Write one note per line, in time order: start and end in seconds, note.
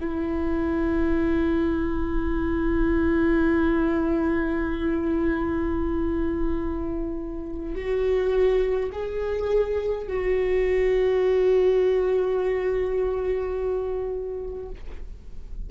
0.00 7.75 E4
7.75 8.90 F#4
8.92 10.08 G#4
10.08 14.69 F#4